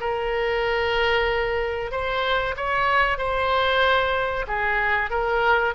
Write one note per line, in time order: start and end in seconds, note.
0.00 1.91 A#4
1.91 2.55 C5
2.56 3.18 C#5
3.18 4.45 C5
4.47 5.10 G#4
5.10 5.74 A#4